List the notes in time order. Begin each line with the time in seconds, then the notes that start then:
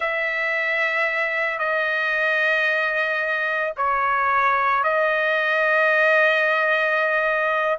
0.00 E5
1.59 D#5
3.76 C#5
4.83 D#5